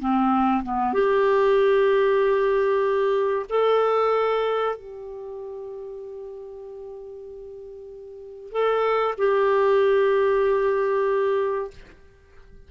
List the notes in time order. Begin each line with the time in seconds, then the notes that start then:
0.00 C4
0.63 B3
0.93 G4
3.49 A4
4.76 G4
8.51 A4
9.18 G4